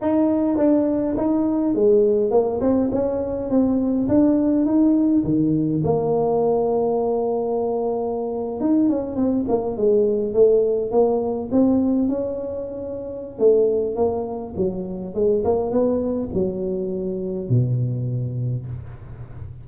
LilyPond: \new Staff \with { instrumentName = "tuba" } { \time 4/4 \tempo 4 = 103 dis'4 d'4 dis'4 gis4 | ais8 c'8 cis'4 c'4 d'4 | dis'4 dis4 ais2~ | ais2~ ais8. dis'8 cis'8 c'16~ |
c'16 ais8 gis4 a4 ais4 c'16~ | c'8. cis'2~ cis'16 a4 | ais4 fis4 gis8 ais8 b4 | fis2 b,2 | }